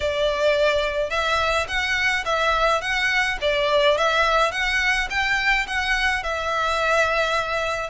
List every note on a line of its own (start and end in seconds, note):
0.00 1.10 D5
1.10 1.66 E5
1.67 2.24 F#5
2.25 2.81 E5
2.81 3.38 F#5
3.41 3.97 D5
3.97 4.51 E5
4.51 5.08 F#5
5.09 5.66 G5
5.67 6.23 F#5
6.23 7.90 E5